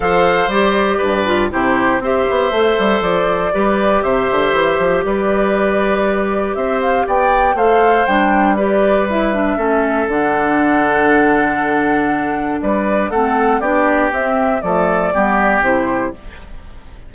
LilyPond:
<<
  \new Staff \with { instrumentName = "flute" } { \time 4/4 \tempo 4 = 119 f''4 d''2 c''4 | e''2 d''2 | e''2 d''2~ | d''4 e''8 f''8 g''4 f''4 |
g''4 d''4 e''2 | fis''1~ | fis''4 d''4 fis''4 d''4 | e''4 d''2 c''4 | }
  \new Staff \with { instrumentName = "oboe" } { \time 4/4 c''2 b'4 g'4 | c''2. b'4 | c''2 b'2~ | b'4 c''4 d''4 c''4~ |
c''4 b'2 a'4~ | a'1~ | a'4 b'4 a'4 g'4~ | g'4 a'4 g'2 | }
  \new Staff \with { instrumentName = "clarinet" } { \time 4/4 a'4 g'4. f'8 e'4 | g'4 a'2 g'4~ | g'1~ | g'2. a'4 |
d'4 g'4 e'8 d'8 cis'4 | d'1~ | d'2 c'4 d'4 | c'4 a4 b4 e'4 | }
  \new Staff \with { instrumentName = "bassoon" } { \time 4/4 f4 g4 g,4 c4 | c'8 b8 a8 g8 f4 g4 | c8 d8 e8 f8 g2~ | g4 c'4 b4 a4 |
g2. a4 | d1~ | d4 g4 a4 b4 | c'4 f4 g4 c4 | }
>>